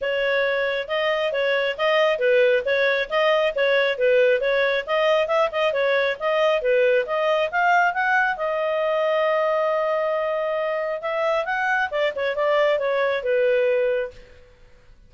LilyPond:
\new Staff \with { instrumentName = "clarinet" } { \time 4/4 \tempo 4 = 136 cis''2 dis''4 cis''4 | dis''4 b'4 cis''4 dis''4 | cis''4 b'4 cis''4 dis''4 | e''8 dis''8 cis''4 dis''4 b'4 |
dis''4 f''4 fis''4 dis''4~ | dis''1~ | dis''4 e''4 fis''4 d''8 cis''8 | d''4 cis''4 b'2 | }